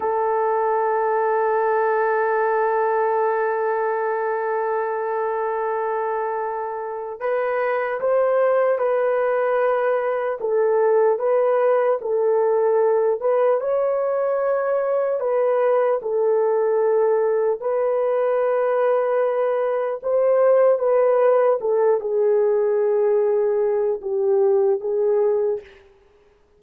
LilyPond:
\new Staff \with { instrumentName = "horn" } { \time 4/4 \tempo 4 = 75 a'1~ | a'1~ | a'4 b'4 c''4 b'4~ | b'4 a'4 b'4 a'4~ |
a'8 b'8 cis''2 b'4 | a'2 b'2~ | b'4 c''4 b'4 a'8 gis'8~ | gis'2 g'4 gis'4 | }